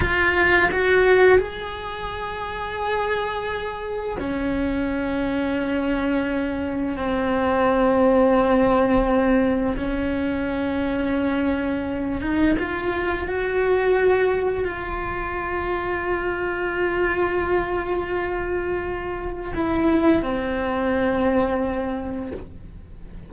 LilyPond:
\new Staff \with { instrumentName = "cello" } { \time 4/4 \tempo 4 = 86 f'4 fis'4 gis'2~ | gis'2 cis'2~ | cis'2 c'2~ | c'2 cis'2~ |
cis'4. dis'8 f'4 fis'4~ | fis'4 f'2.~ | f'1 | e'4 c'2. | }